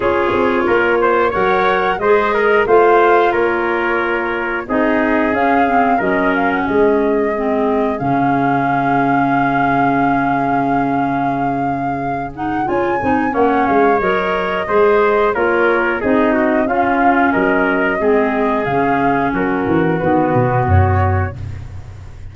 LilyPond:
<<
  \new Staff \with { instrumentName = "flute" } { \time 4/4 \tempo 4 = 90 cis''2 fis''4 dis''4 | f''4 cis''2 dis''4 | f''4 dis''8 f''16 fis''16 dis''2 | f''1~ |
f''2~ f''8 fis''8 gis''4 | fis''8 f''8 dis''2 cis''4 | dis''4 f''4 dis''2 | f''4 ais'4 b'4 cis''4 | }
  \new Staff \with { instrumentName = "trumpet" } { \time 4/4 gis'4 ais'8 c''8 cis''4 c''8 ais'8 | c''4 ais'2 gis'4~ | gis'4 ais'4 gis'2~ | gis'1~ |
gis'1 | cis''2 c''4 ais'4 | gis'8 fis'8 f'4 ais'4 gis'4~ | gis'4 fis'2. | }
  \new Staff \with { instrumentName = "clarinet" } { \time 4/4 f'2 ais'4 gis'4 | f'2. dis'4 | cis'8 c'8 cis'2 c'4 | cis'1~ |
cis'2~ cis'8 dis'8 f'8 dis'8 | cis'4 ais'4 gis'4 f'4 | dis'4 cis'2 c'4 | cis'2 b2 | }
  \new Staff \with { instrumentName = "tuba" } { \time 4/4 cis'8 c'8 ais4 fis4 gis4 | a4 ais2 c'4 | cis'4 fis4 gis2 | cis1~ |
cis2. cis'8 c'8 | ais8 gis8 fis4 gis4 ais4 | c'4 cis'4 fis4 gis4 | cis4 fis8 e8 dis8 b,8 fis,4 | }
>>